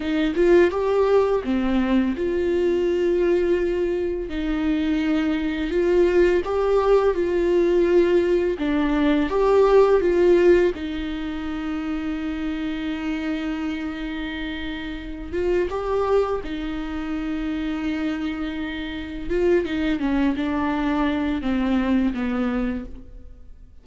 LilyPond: \new Staff \with { instrumentName = "viola" } { \time 4/4 \tempo 4 = 84 dis'8 f'8 g'4 c'4 f'4~ | f'2 dis'2 | f'4 g'4 f'2 | d'4 g'4 f'4 dis'4~ |
dis'1~ | dis'4. f'8 g'4 dis'4~ | dis'2. f'8 dis'8 | cis'8 d'4. c'4 b4 | }